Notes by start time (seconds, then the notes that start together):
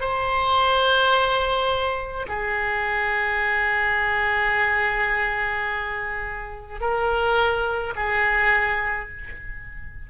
0.00 C5
2.28 G#4
6.81 A#4
7.96 G#4